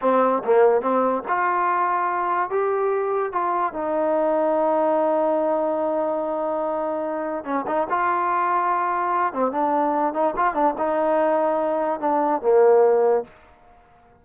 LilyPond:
\new Staff \with { instrumentName = "trombone" } { \time 4/4 \tempo 4 = 145 c'4 ais4 c'4 f'4~ | f'2 g'2 | f'4 dis'2.~ | dis'1~ |
dis'2 cis'8 dis'8 f'4~ | f'2~ f'8 c'8 d'4~ | d'8 dis'8 f'8 d'8 dis'2~ | dis'4 d'4 ais2 | }